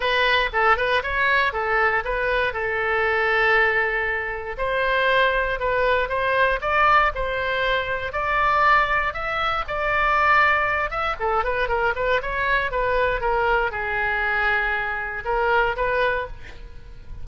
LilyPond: \new Staff \with { instrumentName = "oboe" } { \time 4/4 \tempo 4 = 118 b'4 a'8 b'8 cis''4 a'4 | b'4 a'2.~ | a'4 c''2 b'4 | c''4 d''4 c''2 |
d''2 e''4 d''4~ | d''4. e''8 a'8 b'8 ais'8 b'8 | cis''4 b'4 ais'4 gis'4~ | gis'2 ais'4 b'4 | }